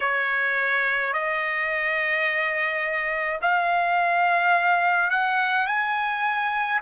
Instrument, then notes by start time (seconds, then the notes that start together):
trumpet
0.00 C#5
1.13 D#5
3.41 F5
5.10 F#5
5.66 G#5